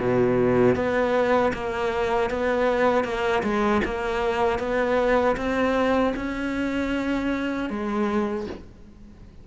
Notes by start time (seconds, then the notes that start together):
0.00 B2
0.76 B3
1.54 A#3
2.31 B3
3.05 A#3
3.43 G#3
3.85 A#3
4.60 B3
5.37 C4
6.17 C#4
7.70 G#3